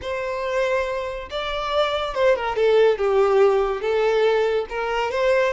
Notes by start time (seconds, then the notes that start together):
0.01 C5
1.30 D5
2.14 C5
2.36 A#4
2.56 A4
2.98 G4
3.81 A4
4.69 A#4
5.11 C5